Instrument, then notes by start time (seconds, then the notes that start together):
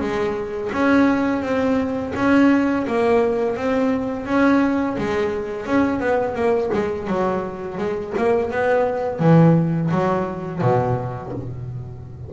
double bass
0.00 G#3
0.73 C#4
1.42 C4
2.16 C#4
2.87 A#3
3.57 C4
4.26 C#4
4.98 G#3
5.66 C#4
6.00 B3
6.35 A#3
6.73 G#3
7.07 F#3
7.78 G#3
8.17 A#3
8.51 B3
9.20 E3
9.91 F#3
10.62 B2